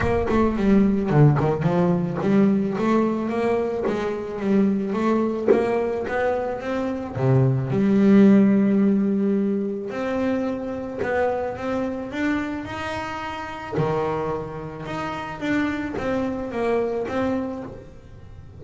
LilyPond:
\new Staff \with { instrumentName = "double bass" } { \time 4/4 \tempo 4 = 109 ais8 a8 g4 d8 dis8 f4 | g4 a4 ais4 gis4 | g4 a4 ais4 b4 | c'4 c4 g2~ |
g2 c'2 | b4 c'4 d'4 dis'4~ | dis'4 dis2 dis'4 | d'4 c'4 ais4 c'4 | }